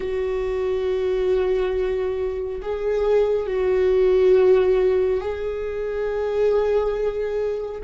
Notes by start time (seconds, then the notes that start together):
0.00 F#4
2.62 G#4
3.46 F#4
5.21 G#4